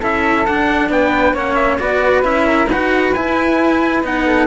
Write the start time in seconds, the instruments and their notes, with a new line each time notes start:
0.00 cello C#4 E4, flute A4, trumpet E5
0.46 cello D4, trumpet F#5
0.89 cello B3, flute B4, trumpet G5
1.33 cello A#3 C#4, flute C#5, trumpet F#5
1.55 trumpet E5
1.79 cello B3 F#4, flute B4, trumpet D5
2.22 cello C#4 E4, trumpet E5
2.46 flute A#4
2.67 cello D#4 F#4, flute B4, trumpet F#5
3.14 cello E4, trumpet G#5
4.03 cello B3 D#4, trumpet F#5
4.26 flute A4